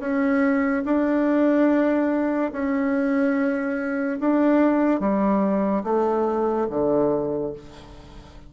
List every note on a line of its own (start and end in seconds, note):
0.00 0.83 C#4
0.86 2.52 D4
2.53 4.19 C#4
4.20 5.00 D4
5.00 5.84 G3
5.84 6.67 A3
6.70 7.53 D3